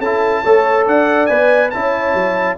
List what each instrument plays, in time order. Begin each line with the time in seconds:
0.00 tuba C#4, trombone E4, horn A4, trumpet A5
0.44 tuba A3, trombone A4, horn C#5
0.85 tuba D4, horn D5, trumpet F#5
1.27 tuba B3, trombone B4, trumpet G#5
1.71 tuba C#4, trombone E4, horn C#5, trumpet A5
2.14 tuba F#3